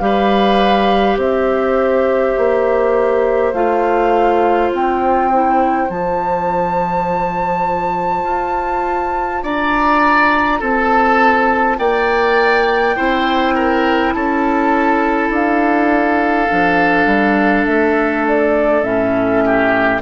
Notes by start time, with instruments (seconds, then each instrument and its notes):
0.00 bassoon G3, clarinet G4, oboe B4, flute F5
1.17 bassoon C4, oboe C5, flute E5
2.38 bassoon A#3
3.53 bassoon A3, clarinet F4, flute F5
4.73 bassoon C4, flute G5
5.33 clarinet E4
5.88 bassoon F3, clarinet F4, flute A5
8.24 bassoon F4
9.43 bassoon D4, oboe D5, flute A#5
10.60 bassoon C4, oboe A4, flute A5
11.79 bassoon A#3, oboe D5, flute G5
12.96 bassoon C4, clarinet E4, oboe C5
13.55 oboe A#4
14.13 bassoon C#4, oboe A4, flute A5
15.30 bassoon D4, flute F5
16.50 bassoon F3, clarinet D4
17.06 bassoon G3
17.67 bassoon A3, flute E5
18.28 flute D5
18.83 bassoon A2, clarinet C#4, flute E5
19.46 oboe G4